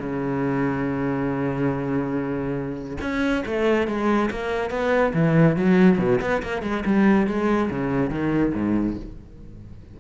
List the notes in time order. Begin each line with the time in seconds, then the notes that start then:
0.00 C#3
3.02 C#4
3.46 A3
3.88 G#3
4.31 A#3
4.71 B3
5.14 E3
5.56 F#3
5.99 B2
6.21 B3
6.43 A#3
6.63 G#3
6.86 G3
7.27 G#3
7.70 C#3
8.10 D#3
8.55 G#2